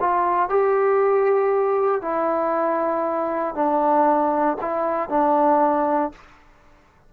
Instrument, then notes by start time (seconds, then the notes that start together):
trombone
0.00 F4
0.49 G4
2.01 E4
3.55 D4
4.61 E4
5.09 D4